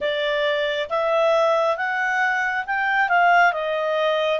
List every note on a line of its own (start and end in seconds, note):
0.00 0.89 D5
0.89 1.76 E5
1.76 2.65 F#5
2.66 3.08 G5
3.08 3.53 F5
3.53 4.39 D#5